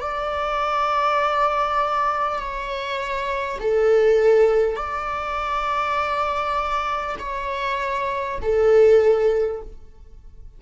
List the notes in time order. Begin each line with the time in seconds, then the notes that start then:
0.00 D5
2.39 C#5
3.59 A4
4.76 D5
7.19 C#5
8.42 A4